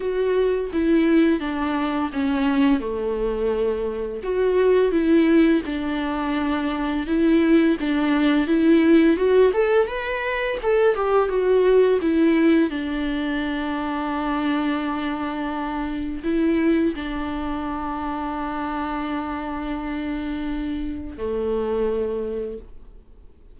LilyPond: \new Staff \with { instrumentName = "viola" } { \time 4/4 \tempo 4 = 85 fis'4 e'4 d'4 cis'4 | a2 fis'4 e'4 | d'2 e'4 d'4 | e'4 fis'8 a'8 b'4 a'8 g'8 |
fis'4 e'4 d'2~ | d'2. e'4 | d'1~ | d'2 a2 | }